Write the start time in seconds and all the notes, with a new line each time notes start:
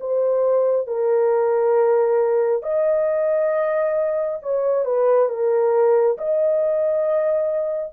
0.00 C5
0.87 A#4
2.62 D#5
4.42 C#5
4.85 B4
5.29 A#4
6.18 D#5